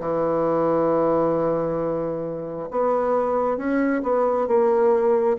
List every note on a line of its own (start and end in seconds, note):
0.00 2.69 E3
2.71 3.57 B3
3.57 4.02 C#4
4.03 4.48 B3
4.48 5.37 A#3